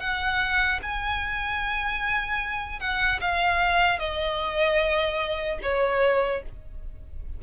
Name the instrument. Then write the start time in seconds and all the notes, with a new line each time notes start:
violin
0.00 F#5
0.83 G#5
2.80 F#5
3.21 F5
3.99 D#5
5.62 C#5